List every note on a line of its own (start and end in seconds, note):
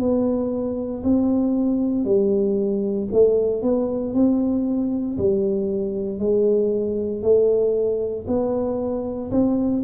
0.00 1.03 B3
1.04 2.05 C4
2.05 3.08 G3
3.13 3.63 A3
3.63 4.14 B3
4.14 5.18 C4
5.18 6.19 G3
6.19 7.23 G#3
7.23 8.26 A3
8.28 9.31 B3
9.32 9.83 C4